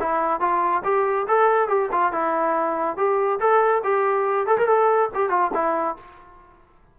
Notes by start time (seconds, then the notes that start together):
0.00 E4
0.40 F4
0.85 G4
1.28 A4
1.68 G4
1.92 F4
2.13 E4
2.97 G4
3.40 A4
3.84 G4
4.47 A4
4.58 A#4
4.67 A4
5.15 G4
5.30 F4
5.54 E4